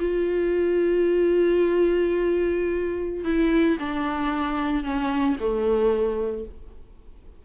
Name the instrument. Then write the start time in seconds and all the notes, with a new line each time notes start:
viola
0.00 F4
3.25 E4
3.80 D4
4.84 C#4
5.40 A3